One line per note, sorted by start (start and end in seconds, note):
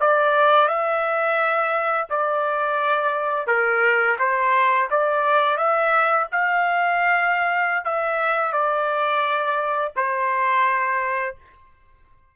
0.00 0.68 D5
0.68 2.08 E5
2.10 3.47 D5
3.47 4.17 A#4
4.19 4.89 C5
4.91 5.57 D5
5.57 6.27 E5
6.32 7.85 F5
7.85 8.52 E5
8.52 9.92 D5
9.96 11.36 C5